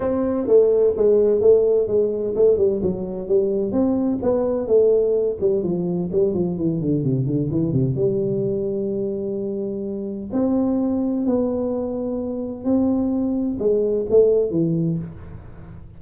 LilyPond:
\new Staff \with { instrumentName = "tuba" } { \time 4/4 \tempo 4 = 128 c'4 a4 gis4 a4 | gis4 a8 g8 fis4 g4 | c'4 b4 a4. g8 | f4 g8 f8 e8 d8 c8 d8 |
e8 c8 g2.~ | g2 c'2 | b2. c'4~ | c'4 gis4 a4 e4 | }